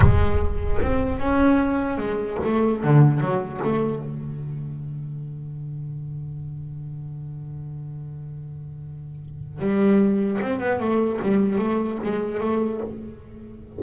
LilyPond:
\new Staff \with { instrumentName = "double bass" } { \time 4/4 \tempo 4 = 150 gis2 c'4 cis'4~ | cis'4 gis4 a4 d4 | fis4 a4 d2~ | d1~ |
d1~ | d1 | g2 c'8 b8 a4 | g4 a4 gis4 a4 | }